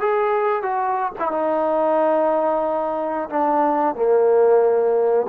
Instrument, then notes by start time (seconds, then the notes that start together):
trombone
0.00 G#4
0.63 F#4
1.19 E4
1.31 D#4
3.30 D4
3.95 A#3